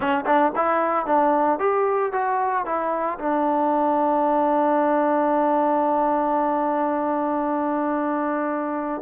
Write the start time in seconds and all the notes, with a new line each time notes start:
0.00 C#4
0.26 D4
0.55 E4
1.05 D4
1.59 G4
2.12 F#4
2.65 E4
3.19 D4